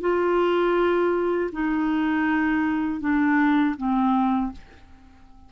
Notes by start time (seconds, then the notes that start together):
0.00 F4
1.52 D#4
3.00 D4
3.77 C4